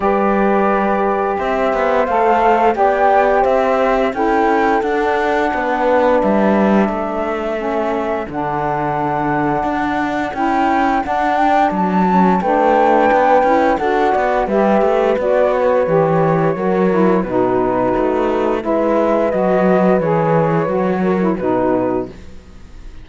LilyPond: <<
  \new Staff \with { instrumentName = "flute" } { \time 4/4 \tempo 4 = 87 d''2 e''4 f''4 | g''4 e''4 g''4 fis''4~ | fis''4 e''2. | fis''2. g''4 |
fis''8 g''8 a''4 g''2 | fis''4 e''4 d''8 cis''4.~ | cis''4 b'2 e''4 | dis''4 cis''2 b'4 | }
  \new Staff \with { instrumentName = "horn" } { \time 4/4 b'2 c''2 | d''4 c''4 a'2 | b'2 a'2~ | a'1~ |
a'2 b'2 | a'8 d''8 b'2. | ais'4 fis'2 b'4~ | b'2~ b'8 ais'8 fis'4 | }
  \new Staff \with { instrumentName = "saxophone" } { \time 4/4 g'2. a'4 | g'2 e'4 d'4~ | d'2. cis'4 | d'2. e'4 |
d'4. cis'8 d'4. e'8 | fis'4 g'4 fis'4 g'4 | fis'8 e'8 dis'2 e'4 | fis'4 gis'4 fis'8. e'16 dis'4 | }
  \new Staff \with { instrumentName = "cello" } { \time 4/4 g2 c'8 b8 a4 | b4 c'4 cis'4 d'4 | b4 g4 a2 | d2 d'4 cis'4 |
d'4 fis4 a4 b8 cis'8 | d'8 b8 g8 a8 b4 e4 | fis4 b,4 a4 gis4 | fis4 e4 fis4 b,4 | }
>>